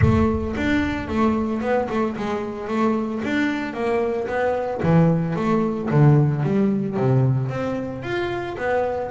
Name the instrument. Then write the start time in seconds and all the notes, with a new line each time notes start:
double bass
0.01 A3
0.56 D4
1.08 A3
1.61 B3
1.89 A3
2.16 G#3
2.68 A3
3.24 D4
3.73 A#3
4.27 B3
4.82 E3
5.36 A3
5.90 D3
6.43 G3
6.96 C3
7.49 C4
8.02 F4
8.57 B3